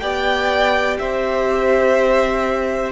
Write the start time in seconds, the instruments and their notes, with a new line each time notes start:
0.00 cello B3, viola G4, violin D5 G5
0.99 cello C4, violin C5 E5